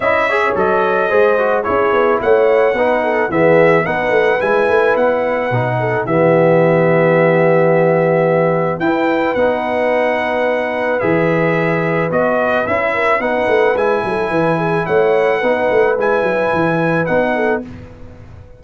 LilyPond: <<
  \new Staff \with { instrumentName = "trumpet" } { \time 4/4 \tempo 4 = 109 e''4 dis''2 cis''4 | fis''2 e''4 fis''4 | gis''4 fis''2 e''4~ | e''1 |
g''4 fis''2. | e''2 dis''4 e''4 | fis''4 gis''2 fis''4~ | fis''4 gis''2 fis''4 | }
  \new Staff \with { instrumentName = "horn" } { \time 4/4 dis''8 cis''4. c''4 gis'4 | cis''4 b'8 a'8 gis'4 b'4~ | b'2~ b'8 a'8 g'4~ | g'1 |
b'1~ | b'2.~ b'8 ais'8 | b'4. a'8 b'8 gis'8 cis''4 | b'2.~ b'8 a'8 | }
  \new Staff \with { instrumentName = "trombone" } { \time 4/4 e'8 gis'8 a'4 gis'8 fis'8 e'4~ | e'4 dis'4 b4 dis'4 | e'2 dis'4 b4~ | b1 |
e'4 dis'2. | gis'2 fis'4 e'4 | dis'4 e'2. | dis'4 e'2 dis'4 | }
  \new Staff \with { instrumentName = "tuba" } { \time 4/4 cis'4 fis4 gis4 cis'8 b8 | a4 b4 e4 b8 a8 | gis8 a8 b4 b,4 e4~ | e1 |
e'4 b2. | e2 b4 cis'4 | b8 a8 gis8 fis8 e4 a4 | b8 a8 gis8 fis8 e4 b4 | }
>>